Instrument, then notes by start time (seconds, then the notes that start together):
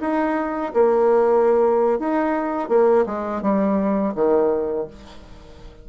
bassoon
0.00 D#4
0.73 A#3
1.99 D#4
2.68 A#3
3.06 G#3
3.41 G3
4.15 D#3